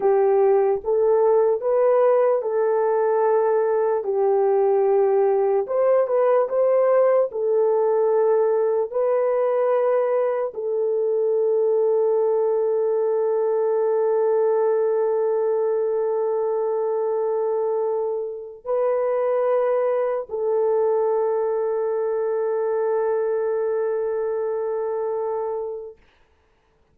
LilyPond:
\new Staff \with { instrumentName = "horn" } { \time 4/4 \tempo 4 = 74 g'4 a'4 b'4 a'4~ | a'4 g'2 c''8 b'8 | c''4 a'2 b'4~ | b'4 a'2.~ |
a'1~ | a'2. b'4~ | b'4 a'2.~ | a'1 | }